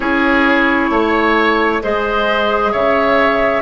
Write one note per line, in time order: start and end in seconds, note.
0.00 0.89 C#4
0.00 1.81 E4
0.00 0.90 G#4
0.00 1.80 C#5
0.90 1.81 A3
0.90 1.82 C#5
1.82 2.74 G#3
1.82 3.62 G#4
1.82 2.71 C5
1.82 2.73 D#5
2.71 3.62 C#3
2.71 3.62 C#5
2.71 3.62 E5